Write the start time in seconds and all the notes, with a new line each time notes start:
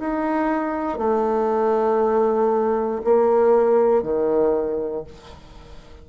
0.00 D#4
0.98 A3
3.05 A#3
4.03 D#3